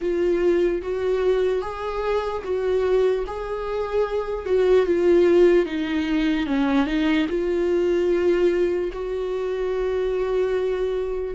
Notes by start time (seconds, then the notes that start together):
0.01 F4
0.81 F#4
1.61 G#4
2.43 F#4
3.27 G#4
4.45 F#4
4.86 F4
5.65 D#4
6.46 C#4
6.86 D#4
7.28 F4
8.92 F#4